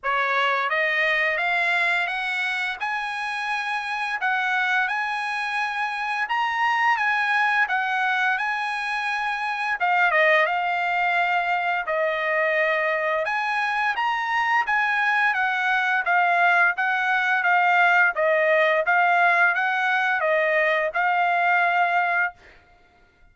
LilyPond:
\new Staff \with { instrumentName = "trumpet" } { \time 4/4 \tempo 4 = 86 cis''4 dis''4 f''4 fis''4 | gis''2 fis''4 gis''4~ | gis''4 ais''4 gis''4 fis''4 | gis''2 f''8 dis''8 f''4~ |
f''4 dis''2 gis''4 | ais''4 gis''4 fis''4 f''4 | fis''4 f''4 dis''4 f''4 | fis''4 dis''4 f''2 | }